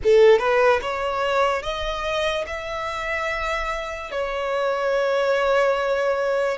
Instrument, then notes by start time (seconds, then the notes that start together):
violin
0.03 A4
0.38 B4
0.81 C#5
1.62 D#5
2.47 E5
4.11 C#5